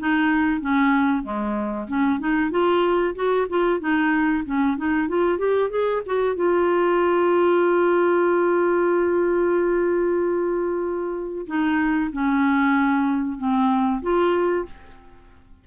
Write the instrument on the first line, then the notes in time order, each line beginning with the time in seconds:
clarinet
0.00 D#4
0.62 C#4
1.24 G#3
1.88 C#4
2.20 D#4
2.51 F4
3.16 F#4
3.50 F4
3.81 D#4
4.46 C#4
4.78 D#4
5.09 F4
5.39 G4
5.70 G#4
6.06 F#4
6.36 F4
11.47 D#4
12.13 C#4
13.38 C4
14.03 F4